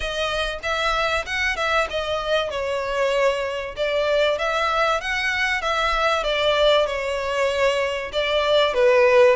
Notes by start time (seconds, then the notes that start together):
0.00 D#5
0.62 E5
1.26 F#5
1.56 E5
1.89 D#5
2.50 C#5
3.76 D5
4.38 E5
5.01 F#5
5.61 E5
6.23 D5
6.86 C#5
8.12 D5
8.73 B4